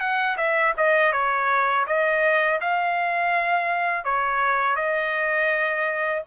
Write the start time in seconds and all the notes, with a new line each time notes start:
0.00 F#5
0.37 E5
0.77 D#5
1.13 C#5
1.87 D#5
2.61 F5
4.04 C#5
4.76 D#5